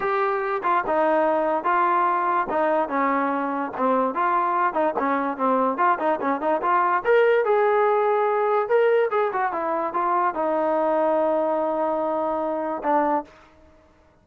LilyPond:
\new Staff \with { instrumentName = "trombone" } { \time 4/4 \tempo 4 = 145 g'4. f'8 dis'2 | f'2 dis'4 cis'4~ | cis'4 c'4 f'4. dis'8 | cis'4 c'4 f'8 dis'8 cis'8 dis'8 |
f'4 ais'4 gis'2~ | gis'4 ais'4 gis'8 fis'8 e'4 | f'4 dis'2.~ | dis'2. d'4 | }